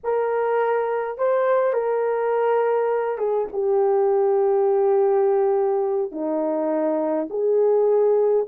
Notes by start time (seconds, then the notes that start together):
0.03 A#4
1.18 C5
1.73 A#4
3.17 G#4
3.52 G4
6.11 D#4
7.30 G#4